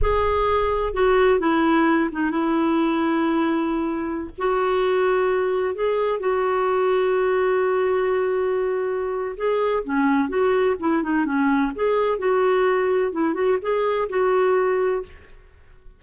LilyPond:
\new Staff \with { instrumentName = "clarinet" } { \time 4/4 \tempo 4 = 128 gis'2 fis'4 e'4~ | e'8 dis'8 e'2.~ | e'4~ e'16 fis'2~ fis'8.~ | fis'16 gis'4 fis'2~ fis'8.~ |
fis'1 | gis'4 cis'4 fis'4 e'8 dis'8 | cis'4 gis'4 fis'2 | e'8 fis'8 gis'4 fis'2 | }